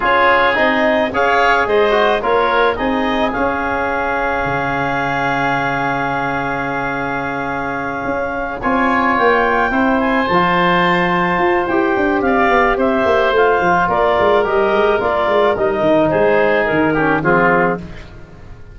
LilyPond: <<
  \new Staff \with { instrumentName = "clarinet" } { \time 4/4 \tempo 4 = 108 cis''4 dis''4 f''4 dis''4 | cis''4 dis''4 f''2~ | f''1~ | f''2.~ f''8 gis''8~ |
gis''8 g''4. gis''8 a''4.~ | a''4 g''4 f''4 e''4 | f''4 d''4 dis''4 d''4 | dis''4 c''4 ais'4 gis'4 | }
  \new Staff \with { instrumentName = "oboe" } { \time 4/4 gis'2 cis''4 c''4 | ais'4 gis'2.~ | gis'1~ | gis'2.~ gis'8 cis''8~ |
cis''4. c''2~ c''8~ | c''2 d''4 c''4~ | c''4 ais'2.~ | ais'4 gis'4. g'8 f'4 | }
  \new Staff \with { instrumentName = "trombone" } { \time 4/4 f'4 dis'4 gis'4. fis'8 | f'4 dis'4 cis'2~ | cis'1~ | cis'2.~ cis'8 f'8~ |
f'4. e'4 f'4.~ | f'4 g'2. | f'2 g'4 f'4 | dis'2~ dis'8 cis'8 c'4 | }
  \new Staff \with { instrumentName = "tuba" } { \time 4/4 cis'4 c'4 cis'4 gis4 | ais4 c'4 cis'2 | cis1~ | cis2~ cis8 cis'4 c'8~ |
c'8 ais4 c'4 f4.~ | f8 f'8 e'8 d'8 c'8 b8 c'8 ais8 | a8 f8 ais8 gis8 g8 gis8 ais8 gis8 | g8 dis8 gis4 dis4 f4 | }
>>